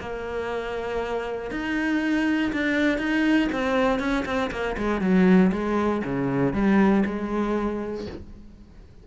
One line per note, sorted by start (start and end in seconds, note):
0.00 1.51 A#3
1.51 2.52 D#4
2.53 2.98 D4
2.98 3.49 D#4
3.52 3.99 C4
3.99 4.25 C#4
4.25 4.51 C4
4.51 4.76 A#3
4.77 5.01 G#3
5.01 5.52 F#3
5.52 6.03 G#3
6.05 6.53 C#3
6.53 7.04 G3
7.06 8.06 G#3